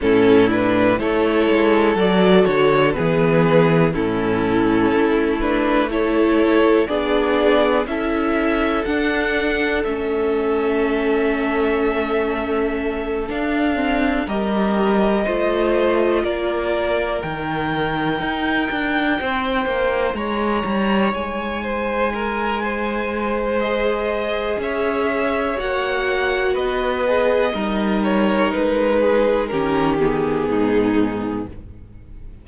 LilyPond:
<<
  \new Staff \with { instrumentName = "violin" } { \time 4/4 \tempo 4 = 61 a'8 b'8 cis''4 d''8 cis''8 b'4 | a'4. b'8 cis''4 d''4 | e''4 fis''4 e''2~ | e''4. f''4 dis''4.~ |
dis''8 d''4 g''2~ g''8~ | g''8 ais''4 gis''2~ gis''8 | dis''4 e''4 fis''4 dis''4~ | dis''8 cis''8 b'4 ais'8 gis'4. | }
  \new Staff \with { instrumentName = "violin" } { \time 4/4 e'4 a'2 gis'4 | e'2 a'4 gis'4 | a'1~ | a'2~ a'8 ais'4 c''8~ |
c''8 ais'2. c''8~ | c''8 cis''4. c''8 ais'8 c''4~ | c''4 cis''2 b'4 | ais'4. gis'8 g'4 dis'4 | }
  \new Staff \with { instrumentName = "viola" } { \time 4/4 cis'8 d'8 e'4 fis'4 b4 | cis'4. d'8 e'4 d'4 | e'4 d'4 cis'2~ | cis'4. d'8 c'8 g'4 f'8~ |
f'4. dis'2~ dis'8~ | dis'1 | gis'2 fis'4. gis'8 | dis'2 cis'8 b4. | }
  \new Staff \with { instrumentName = "cello" } { \time 4/4 a,4 a8 gis8 fis8 d8 e4 | a,4 a2 b4 | cis'4 d'4 a2~ | a4. d'4 g4 a8~ |
a8 ais4 dis4 dis'8 d'8 c'8 | ais8 gis8 g8 gis2~ gis8~ | gis4 cis'4 ais4 b4 | g4 gis4 dis4 gis,4 | }
>>